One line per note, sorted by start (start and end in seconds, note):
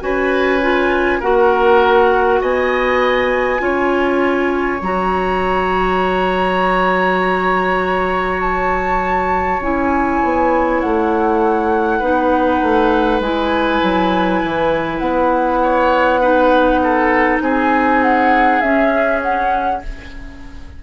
0.00 1.20 C#4
0.00 0.60 F#4
0.00 1.20 B4
0.00 1.21 G#5
0.62 1.22 F4
1.20 2.40 A#3
1.20 3.59 F#4
1.20 2.40 A#4
1.20 2.41 F#5
2.41 3.60 B3
2.41 3.61 D#5
2.41 4.82 G#5
3.59 4.80 C#4
3.59 4.79 F4
3.59 11.99 C#5
4.81 9.60 F#3
4.81 9.62 F#4
4.81 8.40 A#5
8.40 9.60 A5
9.60 10.20 C#4
9.60 12.02 E4
9.60 10.80 G#5
10.23 10.83 B3
10.80 12.01 A3
10.80 13.21 F#5
11.99 12.61 B3
11.99 13.22 D#4
11.99 15.59 B4
12.62 13.20 A3
13.20 13.79 G#3
13.20 16.21 E4
13.20 14.98 G#5
13.83 14.43 F#3
14.43 15.00 E3
14.98 17.39 B3
14.98 17.38 F#5
15.62 16.21 C#5
16.21 18.62 D#4
16.21 16.80 B4
16.83 17.43 A4
17.41 18.61 C4
17.41 19.82 G#4
17.41 18.02 G#5
18.02 18.61 F#5
18.61 19.82 C#4
18.61 19.83 C#4
18.61 19.21 E5
19.22 19.82 F#5